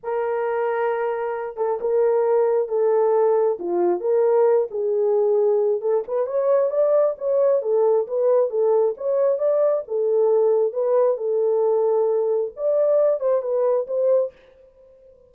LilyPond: \new Staff \with { instrumentName = "horn" } { \time 4/4 \tempo 4 = 134 ais'2.~ ais'8 a'8 | ais'2 a'2 | f'4 ais'4. gis'4.~ | gis'4 a'8 b'8 cis''4 d''4 |
cis''4 a'4 b'4 a'4 | cis''4 d''4 a'2 | b'4 a'2. | d''4. c''8 b'4 c''4 | }